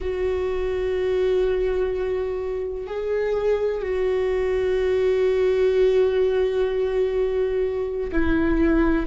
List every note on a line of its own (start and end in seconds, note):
0.00 2.86 F#4
2.86 3.81 G#4
3.82 8.10 F#4
8.12 9.06 E4